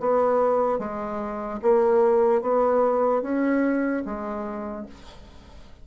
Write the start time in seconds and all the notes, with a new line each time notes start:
0.00 B3
0.79 G#3
1.62 A#3
2.42 B3
3.22 C#4
4.05 G#3